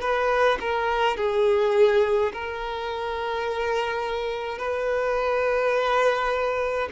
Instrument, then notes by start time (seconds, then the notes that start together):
violin
0.00 B4
0.60 A#4
1.16 G#4
2.33 A#4
4.58 B4